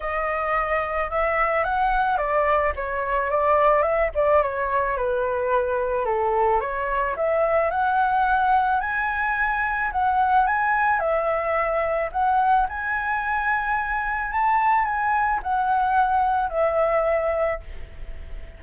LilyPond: \new Staff \with { instrumentName = "flute" } { \time 4/4 \tempo 4 = 109 dis''2 e''4 fis''4 | d''4 cis''4 d''4 e''8 d''8 | cis''4 b'2 a'4 | cis''4 e''4 fis''2 |
gis''2 fis''4 gis''4 | e''2 fis''4 gis''4~ | gis''2 a''4 gis''4 | fis''2 e''2 | }